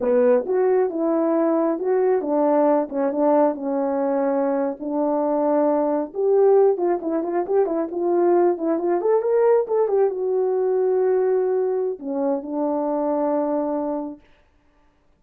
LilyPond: \new Staff \with { instrumentName = "horn" } { \time 4/4 \tempo 4 = 135 b4 fis'4 e'2 | fis'4 d'4. cis'8 d'4 | cis'2~ cis'8. d'4~ d'16~ | d'4.~ d'16 g'4. f'8 e'16~ |
e'16 f'8 g'8 e'8 f'4. e'8 f'16~ | f'16 a'8 ais'4 a'8 g'8 fis'4~ fis'16~ | fis'2. cis'4 | d'1 | }